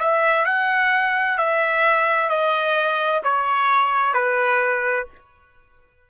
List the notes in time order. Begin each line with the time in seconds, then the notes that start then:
0.00 E5
0.46 F#5
1.38 E5
2.30 D#5
3.24 C#5
4.14 B4